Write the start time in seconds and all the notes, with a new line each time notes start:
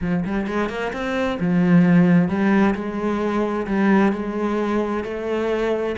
0.01 F3
0.25 G3
0.46 G#3
0.69 A#3
0.92 C4
1.40 F3
2.28 G3
2.75 G#3
3.66 G3
4.12 G#3
5.04 A3